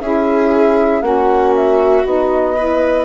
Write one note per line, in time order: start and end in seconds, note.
0.00 1.02 C#4
0.00 1.01 E4
0.00 1.04 G#4
0.00 1.02 E5
1.01 2.03 A#3
1.01 2.03 C#4
1.01 2.56 F#4
1.01 1.53 F#5
1.55 2.06 E5
2.05 3.05 B3
2.05 2.56 D#4
2.05 3.05 D#5
2.56 3.05 E4
2.56 3.05 B4